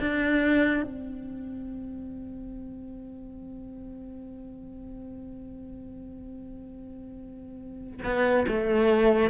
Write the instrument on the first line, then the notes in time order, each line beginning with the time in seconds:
cello
0.00 D4
0.83 C4
8.04 B3
8.47 A3